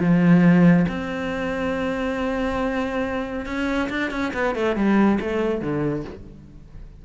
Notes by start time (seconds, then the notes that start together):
0.00 F3
0.89 C4
3.46 C#4
3.90 D4
4.11 C#4
4.34 B3
4.56 A3
4.76 G3
5.21 A3
5.62 D3